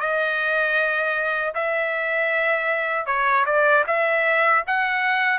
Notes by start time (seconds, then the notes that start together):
0.00 D#5
1.55 E5
3.07 C#5
3.46 D5
3.87 E5
4.67 F#5